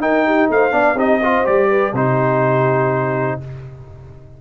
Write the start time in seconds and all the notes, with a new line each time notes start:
0.00 D#4 A#4 G5
0.26 G4
0.50 A3 C5 F5
0.71 B3 D4 D5
0.95 C4 D#4 G4 D#5
1.23 F4 C5
1.45 G3 G4 D5
1.69 B4
1.93 C3 D#4 G4 C5